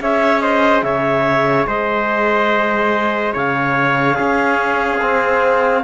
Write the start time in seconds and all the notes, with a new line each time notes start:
0.00 C#4 G#4 C#5 E5
0.40 C5 D#5
0.82 C#3 C#5 E5
1.67 G#3 C5 D#5
3.33 C#3 C#5 F5
4.15 C#4 G#4
5.01 C4